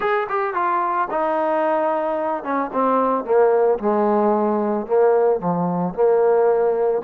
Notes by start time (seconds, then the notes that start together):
0.00 G#4
0.29 G4
0.54 F4
1.10 D#4
2.43 C#4
2.72 C4
3.24 A#3
3.78 G#3
4.86 A#3
5.40 F3
5.94 A#3